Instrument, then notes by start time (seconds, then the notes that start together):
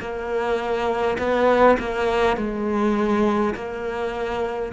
cello
0.00 A#3
1.18 B3
1.79 A#3
2.36 G#3
3.55 A#3